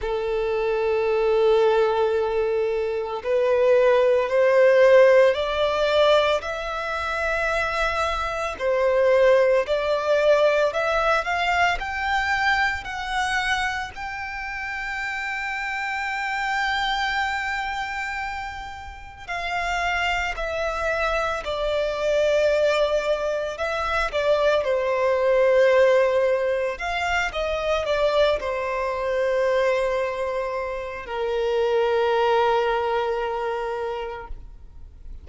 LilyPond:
\new Staff \with { instrumentName = "violin" } { \time 4/4 \tempo 4 = 56 a'2. b'4 | c''4 d''4 e''2 | c''4 d''4 e''8 f''8 g''4 | fis''4 g''2.~ |
g''2 f''4 e''4 | d''2 e''8 d''8 c''4~ | c''4 f''8 dis''8 d''8 c''4.~ | c''4 ais'2. | }